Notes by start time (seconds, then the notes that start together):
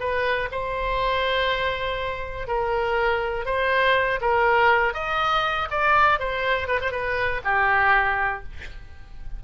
0.00 B4
0.52 C5
2.48 A#4
3.46 C5
4.21 A#4
4.94 D#5
5.71 D5
6.20 C5
6.68 B4
6.81 C5
6.92 B4
7.44 G4